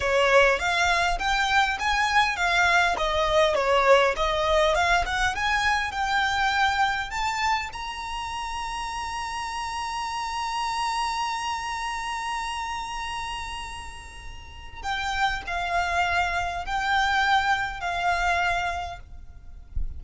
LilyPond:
\new Staff \with { instrumentName = "violin" } { \time 4/4 \tempo 4 = 101 cis''4 f''4 g''4 gis''4 | f''4 dis''4 cis''4 dis''4 | f''8 fis''8 gis''4 g''2 | a''4 ais''2.~ |
ais''1~ | ais''1~ | ais''4 g''4 f''2 | g''2 f''2 | }